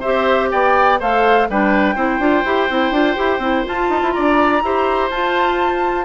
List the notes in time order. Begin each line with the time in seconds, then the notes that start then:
0.00 C4 G4 C5 E5
0.51 B3 D5 G5
1.00 A3 A4 C5 F5
1.49 G3 D4 B4 G5
1.95 C4 E4 C5
2.19 D4 F4
2.45 E4 G4
2.69 C4 E4
2.91 D4 F4
3.16 E4 G4
3.39 C4 E4
3.65 F4 A5
3.89 D#4
4.02 E4
4.12 D4 D5 A#5
4.63 E4 G4 C5
5.10 F4 A5